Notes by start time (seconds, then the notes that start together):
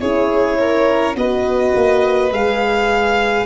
0.00 C#4 E4 G#4 C#5
0.59 A#4
1.15 B3 F#4 B4 D#5
1.75 A#3
2.32 G#3 G#4 F5